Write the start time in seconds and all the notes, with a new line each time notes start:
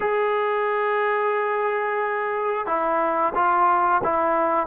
0.00 G#4
2.66 E4
3.35 F4
4.03 E4